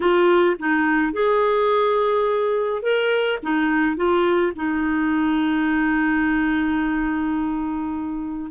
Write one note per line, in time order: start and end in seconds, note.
0.00 0.56 F4
0.59 1.12 D#4
1.12 2.82 G#4
2.82 3.38 A#4
3.42 3.96 D#4
3.96 4.53 F4
4.55 8.51 D#4